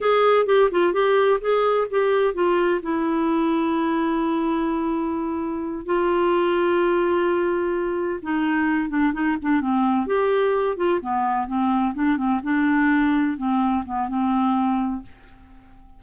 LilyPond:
\new Staff \with { instrumentName = "clarinet" } { \time 4/4 \tempo 4 = 128 gis'4 g'8 f'8 g'4 gis'4 | g'4 f'4 e'2~ | e'1~ | e'8 f'2.~ f'8~ |
f'4. dis'4. d'8 dis'8 | d'8 c'4 g'4. f'8 b8~ | b8 c'4 d'8 c'8 d'4.~ | d'8 c'4 b8 c'2 | }